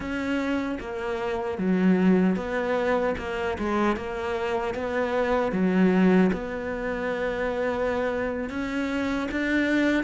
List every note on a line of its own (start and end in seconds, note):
0.00 0.78 C#4
0.79 1.58 A#3
1.58 2.36 F#3
2.36 3.15 B3
3.18 3.57 A#3
3.58 3.96 G#3
3.96 4.74 A#3
4.74 5.52 B3
5.52 6.31 F#3
6.32 8.49 B3
8.49 9.28 C#4
9.31 10.03 D4